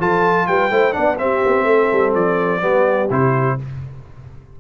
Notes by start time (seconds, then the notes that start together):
0.00 F3 F4 A4 A5
0.47 G3 B4 G5
0.71 A3 E4 C5
0.92 B3 D4 D5 F#5
1.19 C4 G4 E5
1.46 B3
1.64 A3 A4
1.93 G3
2.15 F3 D5
2.62 G3 B3 G4
3.11 C3 E4 C5